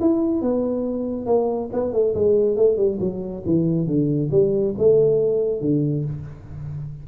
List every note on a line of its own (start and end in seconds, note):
0.00 0.41 E4
0.41 1.26 B3
1.26 1.69 A#3
1.72 1.92 B3
1.92 2.14 A3
2.14 2.56 G#3
2.56 2.76 A3
2.76 2.98 G3
3.00 3.43 F#3
3.45 3.86 E3
3.86 4.30 D3
4.31 4.74 G3
4.77 5.60 A3
5.60 6.04 D3